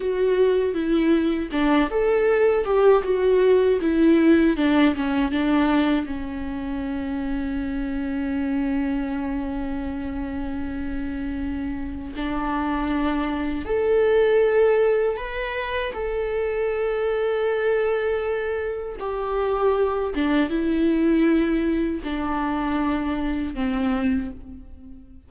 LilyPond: \new Staff \with { instrumentName = "viola" } { \time 4/4 \tempo 4 = 79 fis'4 e'4 d'8 a'4 g'8 | fis'4 e'4 d'8 cis'8 d'4 | cis'1~ | cis'1 |
d'2 a'2 | b'4 a'2.~ | a'4 g'4. d'8 e'4~ | e'4 d'2 c'4 | }